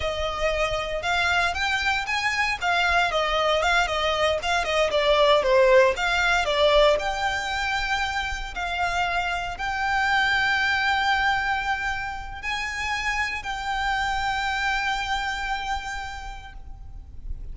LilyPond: \new Staff \with { instrumentName = "violin" } { \time 4/4 \tempo 4 = 116 dis''2 f''4 g''4 | gis''4 f''4 dis''4 f''8 dis''8~ | dis''8 f''8 dis''8 d''4 c''4 f''8~ | f''8 d''4 g''2~ g''8~ |
g''8 f''2 g''4.~ | g''1 | gis''2 g''2~ | g''1 | }